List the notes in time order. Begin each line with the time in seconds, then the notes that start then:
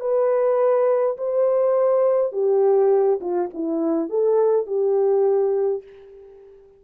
0.00 B4
1.17 C5
2.32 G4
3.20 F4
3.53 E4
4.09 A4
4.66 G4